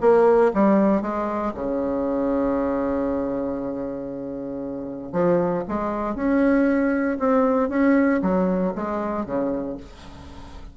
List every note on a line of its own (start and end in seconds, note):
0.00 0.51 A#3
0.54 1.01 G3
1.01 1.52 G#3
1.54 5.12 C#3
5.12 5.63 F3
5.67 6.15 G#3
6.15 7.17 C#4
7.19 7.69 C4
7.69 8.20 C#4
8.21 8.73 F#3
8.75 9.25 G#3
9.25 9.76 C#3